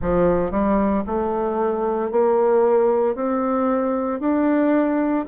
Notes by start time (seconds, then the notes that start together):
0.01 F3
0.51 G3
1.06 A3
2.11 A#3
3.15 C4
4.20 D4